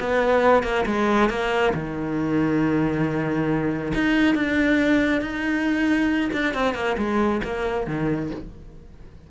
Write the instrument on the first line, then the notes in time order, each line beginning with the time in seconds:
cello
0.00 B3
0.63 A#3
0.86 G#3
1.30 A#3
1.74 D#3
3.94 D#4
4.35 D4
5.21 D#4
6.33 D4
6.54 C4
6.75 A#3
6.98 G#3
7.44 A#3
7.87 D#3